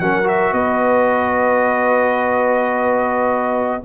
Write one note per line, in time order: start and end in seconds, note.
0.00 0.53 F#3
0.00 0.24 C#4
0.00 0.54 A#4
0.00 0.28 F#5
0.24 3.82 F#4
0.24 0.54 E5
0.53 3.83 B3
0.53 3.85 B4
0.53 3.84 D#5